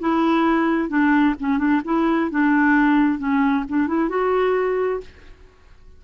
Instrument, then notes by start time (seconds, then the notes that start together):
clarinet
0.00 E4
0.89 D4
1.40 C#4
1.58 D4
1.85 E4
2.31 D4
3.19 C#4
3.69 D4
3.87 E4
4.09 F#4